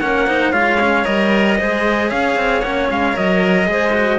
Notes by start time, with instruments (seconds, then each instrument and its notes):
0.00 cello A#3 C#4, clarinet A#4, trumpet F#5
0.27 cello D#4, clarinet C5
0.52 cello G#3 F4, clarinet C#5, trumpet F5
0.80 cello C#4
1.04 cello G3 A#4, trumpet D#5
1.58 cello G#3 G#4, clarinet C5
2.10 cello C#4, clarinet C#5, trumpet F5
2.36 cello C4
2.61 cello A#3 C#4, trumpet F#5
2.91 cello G#3, trumpet F5
3.13 cello F#3 A#4, trumpet D#5
3.66 cello G#3 G#4, clarinet C5
3.93 cello F#4